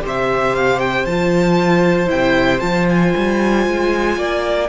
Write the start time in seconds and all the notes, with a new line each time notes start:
0.00 C3 G4 C5
0.07 E5
0.55 F5
0.79 G5
1.05 F3 F4 A5
2.06 C3 E4 G5
2.60 F3 F4 A5
2.89 G#5
3.16 G3
3.66 G#3
4.17 A#3 D5